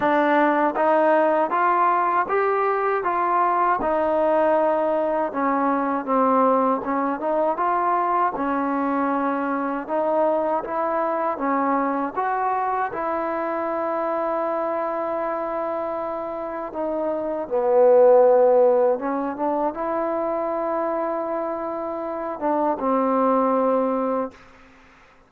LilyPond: \new Staff \with { instrumentName = "trombone" } { \time 4/4 \tempo 4 = 79 d'4 dis'4 f'4 g'4 | f'4 dis'2 cis'4 | c'4 cis'8 dis'8 f'4 cis'4~ | cis'4 dis'4 e'4 cis'4 |
fis'4 e'2.~ | e'2 dis'4 b4~ | b4 cis'8 d'8 e'2~ | e'4. d'8 c'2 | }